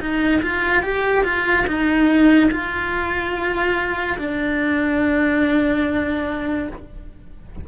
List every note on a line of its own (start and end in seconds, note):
0.00 0.42 D#4
0.42 0.83 F4
0.83 1.24 G4
1.24 1.66 F4
1.67 2.50 D#4
2.51 4.18 F4
4.18 6.68 D4